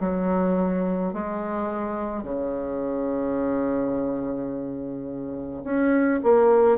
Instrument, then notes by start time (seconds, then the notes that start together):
bassoon
0.00 F#3
1.14 G#3
2.23 C#3
5.64 C#4
6.24 A#3